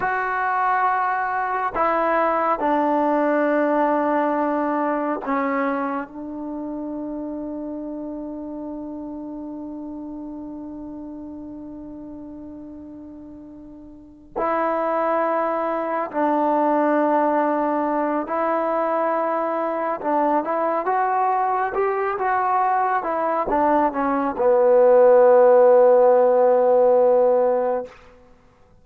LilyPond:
\new Staff \with { instrumentName = "trombone" } { \time 4/4 \tempo 4 = 69 fis'2 e'4 d'4~ | d'2 cis'4 d'4~ | d'1~ | d'1~ |
d'8 e'2 d'4.~ | d'4 e'2 d'8 e'8 | fis'4 g'8 fis'4 e'8 d'8 cis'8 | b1 | }